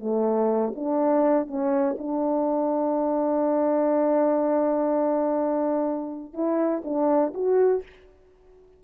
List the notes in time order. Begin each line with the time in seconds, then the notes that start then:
0.00 A3
0.75 D4
1.47 C#4
1.98 D4
6.34 E4
6.84 D4
7.34 F#4